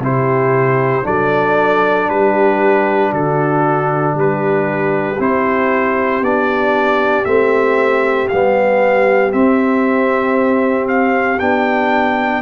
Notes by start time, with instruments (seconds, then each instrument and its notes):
0.00 tuba C3, trombone E4, horn G4, trumpet C5
1.03 tuba F#3, trombone D4, horn A4, trumpet D5
2.09 tuba G3, horn G4, trumpet B4
3.12 tuba D3, horn F#4, trumpet A4
4.15 tuba G3, horn G4, trumpet B4
5.20 tuba C4, trombone E4, trumpet C5
6.22 tuba B3, trombone D4, trumpet D5
7.25 tuba A3, trombone C4, trumpet E5
8.29 tuba G3, trombone B3, trumpet F5
9.32 trombone C4, tuba C4, trumpet E5
10.89 trumpet F5
11.40 tuba B3, trombone D4, trumpet G5